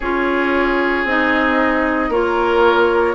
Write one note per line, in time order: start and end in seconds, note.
0.00 1.04 C#4
0.00 1.07 F4
0.00 2.09 G#4
0.00 1.06 C#5
1.04 2.09 C4
1.04 2.11 D#4
1.04 2.11 D#5
2.09 3.14 A#3
2.09 3.15 F4
2.09 3.15 A#4
2.09 3.15 C#5